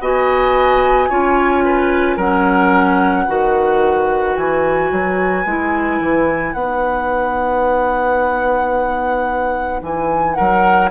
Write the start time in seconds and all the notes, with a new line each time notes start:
0.00 B3 F#4 D#5 G#5
1.09 C#4 F4 C#5
1.65 B4
2.16 F#3 C#4 A#4 F#5
3.25 D#3 F#4 B4
4.36 E3 G#5
4.92 F#3
5.45 G#3 E4
6.00 E3
6.53 B3 D#4 F#5
9.82 E3 G#5
10.34 F#3 A#4 F#5